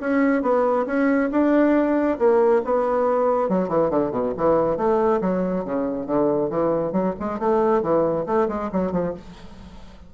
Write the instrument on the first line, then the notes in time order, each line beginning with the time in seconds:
bassoon
0.00 C#4
0.42 B3
0.86 C#4
1.31 D4
2.18 A#3
2.64 B3
3.49 F#3
3.69 E3
3.90 D3
4.11 B2
4.37 E3
4.77 A3
5.21 F#3
5.65 C#3
6.06 D3
6.50 E3
6.92 F#3
7.19 G#3
7.39 A3
7.82 E3
8.26 A3
8.48 G#3
8.72 F#3
8.92 F3